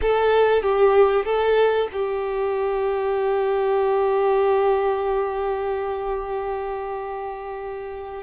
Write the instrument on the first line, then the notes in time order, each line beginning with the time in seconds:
violin
0.01 A4
0.62 G4
1.25 A4
1.92 G4